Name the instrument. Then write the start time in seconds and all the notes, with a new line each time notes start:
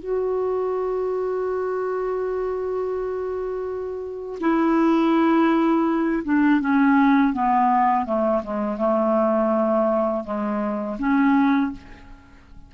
clarinet
0.00 F#4
4.40 E4
6.24 D4
6.61 C#4
7.33 B3
8.06 A3
8.43 G#3
8.78 A3
10.24 G#3
10.99 C#4